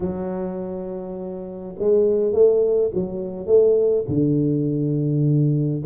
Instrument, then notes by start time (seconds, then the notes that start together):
tuba
0.00 F#3
1.78 G#3
2.32 A3
2.94 F#3
3.46 A3
4.08 D3